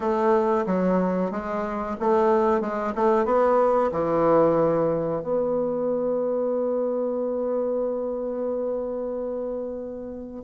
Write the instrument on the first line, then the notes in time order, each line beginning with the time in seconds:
bassoon
0.00 A3
0.66 F#3
1.31 G#3
2.00 A3
2.61 G#3
2.95 A3
3.25 B3
3.91 E3
5.21 B3